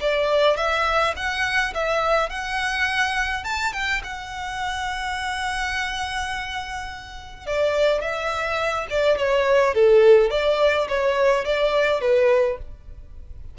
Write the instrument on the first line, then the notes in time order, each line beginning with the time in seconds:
violin
0.00 D5
0.57 E5
1.16 F#5
1.74 E5
2.29 F#5
3.44 A5
3.73 G5
4.03 F#5
7.46 D5
8.01 E5
8.90 D5
9.17 C#5
9.74 A4
10.30 D5
10.88 C#5
11.45 D5
12.01 B4